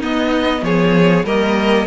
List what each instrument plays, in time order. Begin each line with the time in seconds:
0.00 viola B3, cello B3, violin D#4 D#5
0.62 cello F3, violin G#4 C#5
1.24 cello G3, viola A#3, violin A#4 D#5